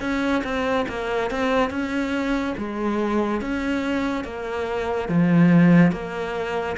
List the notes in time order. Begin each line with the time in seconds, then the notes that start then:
0.00 C#4
0.43 C4
0.88 A#3
1.30 C4
1.70 C#4
2.57 G#3
3.41 C#4
4.24 A#3
5.08 F3
5.92 A#3